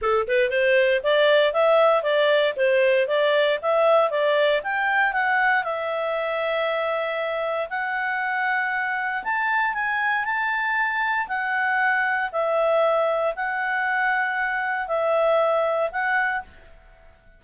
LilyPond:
\new Staff \with { instrumentName = "clarinet" } { \time 4/4 \tempo 4 = 117 a'8 b'8 c''4 d''4 e''4 | d''4 c''4 d''4 e''4 | d''4 g''4 fis''4 e''4~ | e''2. fis''4~ |
fis''2 a''4 gis''4 | a''2 fis''2 | e''2 fis''2~ | fis''4 e''2 fis''4 | }